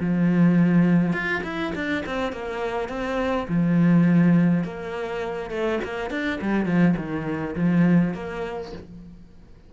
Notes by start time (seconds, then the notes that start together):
0.00 F3
1.13 F4
1.44 E4
1.75 D4
2.06 C4
2.32 A#3
2.89 C4
3.48 F3
4.64 A#3
5.50 A3
5.84 A#3
6.10 D4
6.41 G3
6.66 F3
6.97 D#3
7.56 F3
8.14 A#3